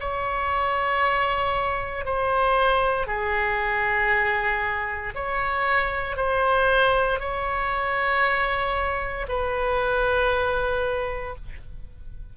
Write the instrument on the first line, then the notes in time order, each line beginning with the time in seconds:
oboe
0.00 C#5
2.05 C5
3.08 G#4
5.15 C#5
6.17 C5
7.20 C#5
9.29 B4